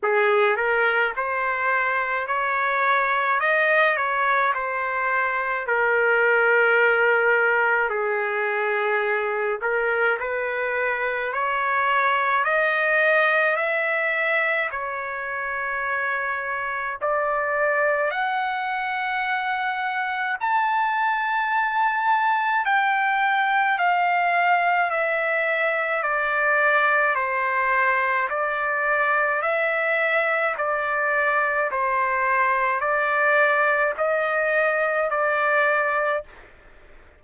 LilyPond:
\new Staff \with { instrumentName = "trumpet" } { \time 4/4 \tempo 4 = 53 gis'8 ais'8 c''4 cis''4 dis''8 cis''8 | c''4 ais'2 gis'4~ | gis'8 ais'8 b'4 cis''4 dis''4 | e''4 cis''2 d''4 |
fis''2 a''2 | g''4 f''4 e''4 d''4 | c''4 d''4 e''4 d''4 | c''4 d''4 dis''4 d''4 | }